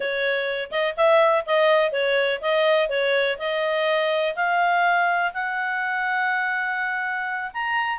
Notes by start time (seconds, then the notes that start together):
0.00 C#5
0.71 D#5
0.96 E5
1.45 D#5
1.91 C#5
2.41 D#5
2.89 C#5
3.38 D#5
4.35 F5
5.33 F#5
7.53 A#5